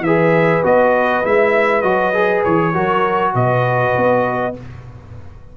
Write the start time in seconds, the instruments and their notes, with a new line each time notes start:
0.00 tuba E3, horn B4, trumpet E5
0.06 trombone G#4
0.63 tuba B3, trombone F#4, trumpet D#5
1.24 tuba G#3, trombone E4, trumpet E5
1.81 tuba F#3, trombone F#4, trumpet D#5
2.14 trombone G#4
2.44 tuba E3, trumpet C#5
2.73 tuba F#3, trombone F#4, horn A#4
3.34 tuba B2, horn B4, trumpet D#5
3.97 tuba B3